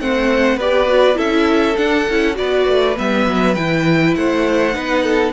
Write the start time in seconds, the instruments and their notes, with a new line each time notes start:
0.00 cello A3, viola C4, violin C5 F#5
0.57 cello B3, viola G4, violin B4 D5
0.87 viola F#4
1.15 cello C#4, viola E4, violin A4 E5
1.76 viola D4, cello D4, violin F#5
2.09 cello C#4, viola E4
2.34 cello B3, viola F#4, violin B4 D5
2.68 cello A3
2.96 cello G3, viola B3, violin E5
3.26 cello F#3
3.55 cello E3, viola E4, violin G5
4.15 cello A3, violin C5 F#5
4.73 cello B3, viola D#4, violin B4
5.03 violin A4